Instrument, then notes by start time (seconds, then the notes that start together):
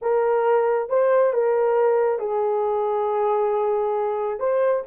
horn
0.01 A#4
0.89 C5
1.33 A#4
2.19 G#4
4.39 C5